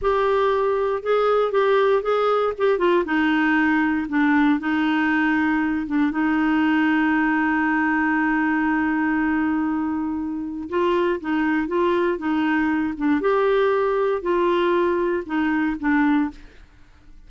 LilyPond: \new Staff \with { instrumentName = "clarinet" } { \time 4/4 \tempo 4 = 118 g'2 gis'4 g'4 | gis'4 g'8 f'8 dis'2 | d'4 dis'2~ dis'8 d'8 | dis'1~ |
dis'1~ | dis'4 f'4 dis'4 f'4 | dis'4. d'8 g'2 | f'2 dis'4 d'4 | }